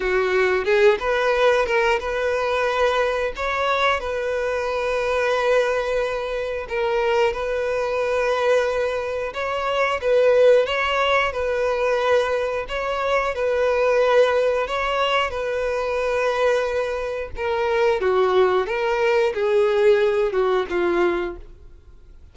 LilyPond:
\new Staff \with { instrumentName = "violin" } { \time 4/4 \tempo 4 = 90 fis'4 gis'8 b'4 ais'8 b'4~ | b'4 cis''4 b'2~ | b'2 ais'4 b'4~ | b'2 cis''4 b'4 |
cis''4 b'2 cis''4 | b'2 cis''4 b'4~ | b'2 ais'4 fis'4 | ais'4 gis'4. fis'8 f'4 | }